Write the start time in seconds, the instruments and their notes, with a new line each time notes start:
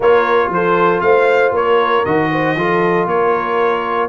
0.00 tuba A#3, trombone F4, horn A#4, trumpet C#5
0.49 tuba F3, horn A4, trumpet C5
1.00 tuba A3, horn C5, trumpet F5
1.51 tuba A#3, horn A#4, trumpet C#5
2.05 tuba D#3, trombone F#4, trumpet D#5
2.31 horn C5
2.55 tuba F3, trombone F4, horn A4
3.06 tuba A#3, horn A#4, trumpet C#5